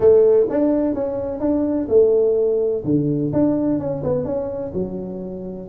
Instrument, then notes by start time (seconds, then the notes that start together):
tuba
0.00 A3
0.49 D4
0.94 C#4
1.40 D4
1.89 A3
2.84 D3
3.33 D4
3.79 C#4
4.03 B3
4.24 C#4
4.73 F#3